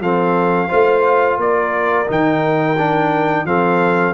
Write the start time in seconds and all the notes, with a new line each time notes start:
0.00 F3 C4 A4 F5
0.68 A3 F4 C5
1.37 A#3 A#4 D5
2.07 D#3 D#4 G5
2.78 D4
3.45 F3 C4 A4 F5